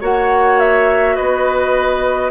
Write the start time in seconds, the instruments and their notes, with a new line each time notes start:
0.00 bassoon A#3, clarinet F#4, oboe C#5, flute F#5
0.59 flute E5
1.15 bassoon B3, oboe B4, flute D#5